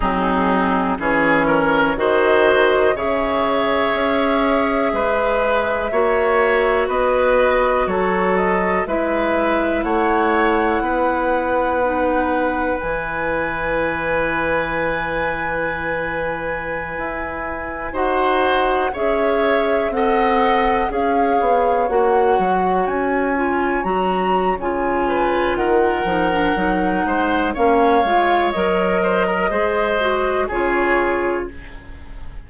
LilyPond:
<<
  \new Staff \with { instrumentName = "flute" } { \time 4/4 \tempo 4 = 61 gis'4 cis''4 dis''4 e''4~ | e''2. dis''4 | cis''8 dis''8 e''4 fis''2~ | fis''4 gis''2.~ |
gis''2~ gis''16 fis''4 e''8.~ | e''16 fis''4 f''4 fis''4 gis''8.~ | gis''16 ais''8. gis''4 fis''2 | f''4 dis''2 cis''4 | }
  \new Staff \with { instrumentName = "oboe" } { \time 4/4 dis'4 gis'8 ais'8 c''4 cis''4~ | cis''4 b'4 cis''4 b'4 | a'4 b'4 cis''4 b'4~ | b'1~ |
b'2~ b'16 c''4 cis''8.~ | cis''16 dis''4 cis''2~ cis''8.~ | cis''4. b'8 ais'4. c''8 | cis''4. c''16 ais'16 c''4 gis'4 | }
  \new Staff \with { instrumentName = "clarinet" } { \time 4/4 c'4 cis'4 fis'4 gis'4~ | gis'2 fis'2~ | fis'4 e'2. | dis'4 e'2.~ |
e'2~ e'16 fis'4 gis'8.~ | gis'16 a'4 gis'4 fis'4. f'16~ | f'16 fis'8. f'4. dis'16 d'16 dis'4 | cis'8 f'8 ais'4 gis'8 fis'8 f'4 | }
  \new Staff \with { instrumentName = "bassoon" } { \time 4/4 fis4 e4 dis4 cis4 | cis'4 gis4 ais4 b4 | fis4 gis4 a4 b4~ | b4 e2.~ |
e4~ e16 e'4 dis'4 cis'8.~ | cis'16 c'4 cis'8 b8 ais8 fis8 cis'8.~ | cis'16 fis8. cis4 dis8 f8 fis8 gis8 | ais8 gis8 fis4 gis4 cis4 | }
>>